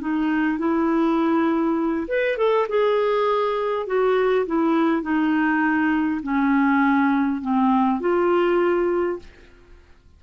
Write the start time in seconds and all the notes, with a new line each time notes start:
0.00 D#4
0.58 E4
2.07 B4
2.37 A4
2.68 G#4
3.86 F#4
4.46 E4
5.02 D#4
6.22 C#4
7.41 C4
8.00 F4